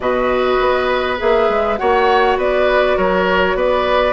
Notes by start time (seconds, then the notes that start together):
0.00 B2 F#4 B4 D#5
0.60 B3
1.18 A#3 G#4 E5
1.49 G#3
1.77 A#3 F#4 C#5 F#5
2.36 B3 B4 D5
2.97 F#3 A#4 C#5
3.55 B3 B4 D5